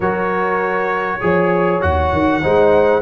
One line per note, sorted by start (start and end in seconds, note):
0.00 1.18 F#3
0.00 1.20 F#4
0.00 1.21 A#4
0.00 1.81 C#5
1.20 1.82 F3
1.20 1.81 G#4
1.20 2.41 C#5
1.81 2.12 D#2
1.81 2.42 F#4
1.81 3.02 F#5
2.12 2.42 D#3
2.41 3.02 G#3
2.41 3.02 D#4
2.41 3.02 C5